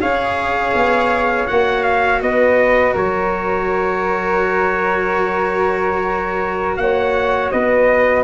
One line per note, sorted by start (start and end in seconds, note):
0.00 0.73 C#4
0.00 1.46 G#4
0.00 2.21 C#5
0.00 1.47 F5
0.75 1.48 B3
1.47 2.22 A#3
1.47 8.24 F#4
1.47 1.84 F#5
1.84 2.20 F5
2.22 2.95 B3
2.22 2.93 B4
2.22 2.95 D#5
2.93 6.78 F#3
2.93 6.78 A#4
2.93 6.77 C#5
6.77 7.51 A#3
6.77 7.53 C#5
6.77 7.50 F#5
7.51 8.24 B3
7.51 8.24 B4
7.51 8.24 D#5